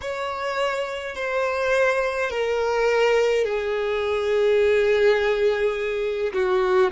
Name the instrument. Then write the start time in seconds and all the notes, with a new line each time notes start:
violin
0.01 C#5
1.15 C5
2.30 A#4
3.44 G#4
6.33 F#4